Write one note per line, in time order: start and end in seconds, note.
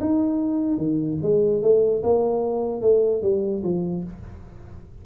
0.00 0.77 D#4
0.77 1.18 D#3
1.22 1.62 G#3
1.62 2.03 A3
2.03 2.81 A#3
2.81 3.22 A3
3.22 3.63 G3
3.63 4.04 F3